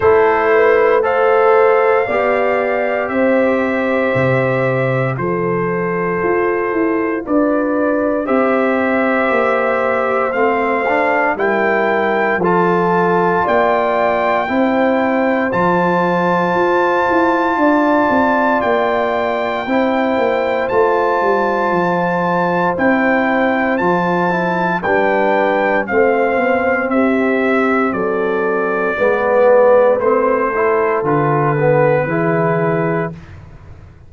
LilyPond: <<
  \new Staff \with { instrumentName = "trumpet" } { \time 4/4 \tempo 4 = 58 c''4 f''2 e''4~ | e''4 c''2 d''4 | e''2 f''4 g''4 | a''4 g''2 a''4~ |
a''2 g''2 | a''2 g''4 a''4 | g''4 f''4 e''4 d''4~ | d''4 c''4 b'2 | }
  \new Staff \with { instrumentName = "horn" } { \time 4/4 a'8 b'8 c''4 d''4 c''4~ | c''4 a'2 b'4 | c''2. ais'4 | a'4 d''4 c''2~ |
c''4 d''2 c''4~ | c''1 | b'4 c''4 g'4 a'4 | b'4. a'4. gis'4 | }
  \new Staff \with { instrumentName = "trombone" } { \time 4/4 e'4 a'4 g'2~ | g'4 f'2. | g'2 c'8 d'8 e'4 | f'2 e'4 f'4~ |
f'2. e'4 | f'2 e'4 f'8 e'8 | d'4 c'2. | b4 c'8 e'8 f'8 b8 e'4 | }
  \new Staff \with { instrumentName = "tuba" } { \time 4/4 a2 b4 c'4 | c4 f4 f'8 e'8 d'4 | c'4 ais4 a4 g4 | f4 ais4 c'4 f4 |
f'8 e'8 d'8 c'8 ais4 c'8 ais8 | a8 g8 f4 c'4 f4 | g4 a8 b8 c'4 fis4 | gis4 a4 d4 e4 | }
>>